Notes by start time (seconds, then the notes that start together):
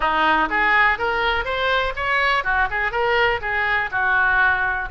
0.00 D#4
0.49 G#4
0.98 A#4
1.44 C5
1.96 C#5
2.44 F#4
2.70 G#4
2.91 A#4
3.41 G#4
3.91 F#4